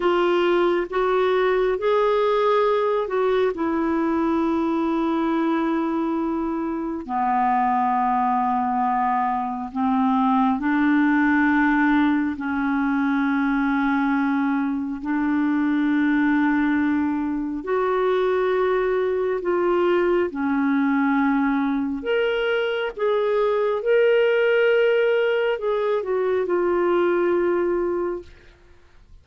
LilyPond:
\new Staff \with { instrumentName = "clarinet" } { \time 4/4 \tempo 4 = 68 f'4 fis'4 gis'4. fis'8 | e'1 | b2. c'4 | d'2 cis'2~ |
cis'4 d'2. | fis'2 f'4 cis'4~ | cis'4 ais'4 gis'4 ais'4~ | ais'4 gis'8 fis'8 f'2 | }